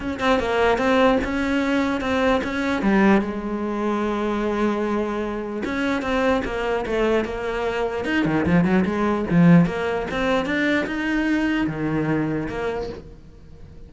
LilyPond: \new Staff \with { instrumentName = "cello" } { \time 4/4 \tempo 4 = 149 cis'8 c'8 ais4 c'4 cis'4~ | cis'4 c'4 cis'4 g4 | gis1~ | gis2 cis'4 c'4 |
ais4 a4 ais2 | dis'8 dis8 f8 fis8 gis4 f4 | ais4 c'4 d'4 dis'4~ | dis'4 dis2 ais4 | }